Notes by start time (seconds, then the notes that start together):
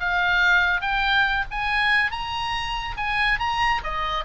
0.00 F5
0.81 G5
1.51 G#5
2.11 A#5
2.97 G#5
3.39 A#5
3.84 D#5